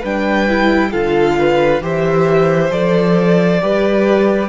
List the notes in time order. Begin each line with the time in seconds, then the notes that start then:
0.00 G3 D4 B4 G5
0.49 E4
0.91 D3 F4 A4 F5
1.39 B4
1.81 E3 G4 C5 E5
2.71 F3 A4 D5
3.61 G3 G4 B4